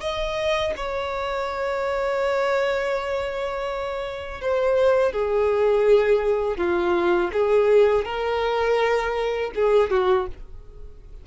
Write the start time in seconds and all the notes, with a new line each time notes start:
0.00 D#5
0.76 C#5
4.41 C5
5.12 G#4
6.57 F4
7.33 G#4
8.05 A#4
9.55 G#4
9.90 F#4